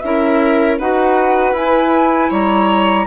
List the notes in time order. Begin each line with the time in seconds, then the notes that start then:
0.00 C#4 E4 A#4 E5
0.78 D#4 F#4 B4 F#5
1.52 E4 G#5
2.30 G3 C#5 A#5